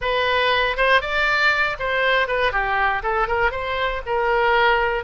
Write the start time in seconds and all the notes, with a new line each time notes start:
0.01 B4
0.77 C5
1.01 D5
1.79 C5
2.27 B4
2.52 G4
3.02 A4
3.27 A#4
3.51 C5
4.05 A#4